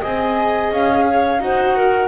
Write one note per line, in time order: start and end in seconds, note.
0.00 0.71 C4
0.00 1.38 G#4
0.00 1.04 D#5
0.00 0.71 G#5
0.71 1.39 C#4
0.71 1.41 F5
1.06 1.41 C#5
1.39 2.07 D#4
1.39 2.08 F#4
1.39 1.76 C5
1.39 2.08 F#5
1.76 2.08 A#4